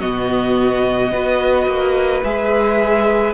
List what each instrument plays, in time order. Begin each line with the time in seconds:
0.00 cello B2, viola B3, violin F#4 D#5
1.12 cello B3, viola F#4, violin B4
1.66 cello A#3
2.24 cello G#3, viola G#4, violin E5